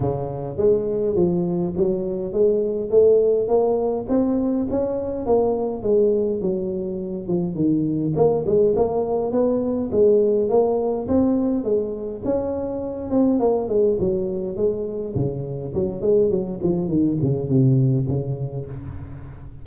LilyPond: \new Staff \with { instrumentName = "tuba" } { \time 4/4 \tempo 4 = 103 cis4 gis4 f4 fis4 | gis4 a4 ais4 c'4 | cis'4 ais4 gis4 fis4~ | fis8 f8 dis4 ais8 gis8 ais4 |
b4 gis4 ais4 c'4 | gis4 cis'4. c'8 ais8 gis8 | fis4 gis4 cis4 fis8 gis8 | fis8 f8 dis8 cis8 c4 cis4 | }